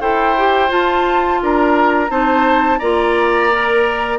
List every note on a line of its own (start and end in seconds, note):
0.00 0.71 E4
0.00 0.36 A4
0.00 1.40 C5
0.00 0.71 G5
0.37 0.69 G4
0.69 2.08 F4
0.69 1.42 F4
0.69 1.41 A5
1.42 2.09 D4
1.42 2.10 A#4
1.42 2.11 A#5
2.09 2.79 C4
2.09 2.80 D#4
2.09 2.79 C5
2.09 2.79 A5
2.79 4.19 A#3
2.79 3.51 F4
2.79 4.18 D5
2.79 4.18 A#5
3.52 4.19 A#4